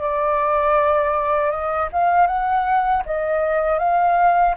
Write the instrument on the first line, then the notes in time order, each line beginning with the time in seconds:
flute
0.00 D5
1.50 D#5
1.92 F5
2.26 F#5
3.06 D#5
3.78 F5